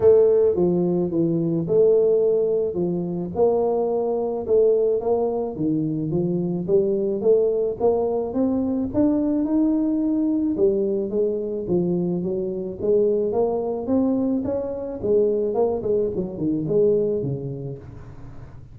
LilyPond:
\new Staff \with { instrumentName = "tuba" } { \time 4/4 \tempo 4 = 108 a4 f4 e4 a4~ | a4 f4 ais2 | a4 ais4 dis4 f4 | g4 a4 ais4 c'4 |
d'4 dis'2 g4 | gis4 f4 fis4 gis4 | ais4 c'4 cis'4 gis4 | ais8 gis8 fis8 dis8 gis4 cis4 | }